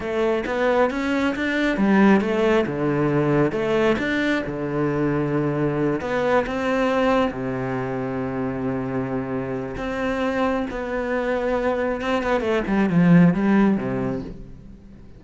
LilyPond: \new Staff \with { instrumentName = "cello" } { \time 4/4 \tempo 4 = 135 a4 b4 cis'4 d'4 | g4 a4 d2 | a4 d'4 d2~ | d4. b4 c'4.~ |
c'8 c2.~ c8~ | c2 c'2 | b2. c'8 b8 | a8 g8 f4 g4 c4 | }